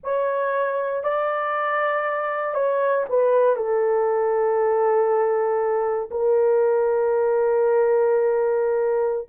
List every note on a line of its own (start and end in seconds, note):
0.03 1.03 C#5
1.03 2.54 D5
2.54 3.05 C#5
3.09 3.55 B4
3.55 6.10 A4
6.10 9.28 A#4